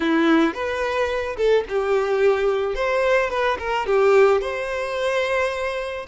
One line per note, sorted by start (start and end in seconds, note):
0.00 0.54 E4
0.54 1.36 B4
1.37 1.64 A4
1.69 2.74 G4
2.74 3.30 C5
3.30 3.57 B4
3.59 3.86 A#4
3.86 4.41 G4
4.41 6.06 C5